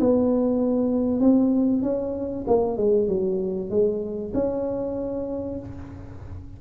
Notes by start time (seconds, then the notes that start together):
0.00 B3
1.20 C4
1.83 C#4
2.47 A#3
2.77 G#3
3.08 F#3
3.70 G#3
4.34 C#4